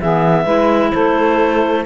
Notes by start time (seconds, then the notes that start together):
0.00 E3 B3 G#4 E5
0.44 G#3 E4 B4
0.93 A3 A4 C5